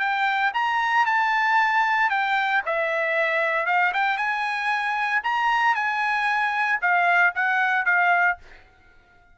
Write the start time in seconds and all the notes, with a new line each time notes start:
0.00 G5
0.54 A#5
1.06 A5
2.10 G5
2.66 E5
3.67 F5
3.94 G5
4.18 G#5
5.24 A#5
5.75 G#5
6.82 F5
7.35 F#5
7.86 F5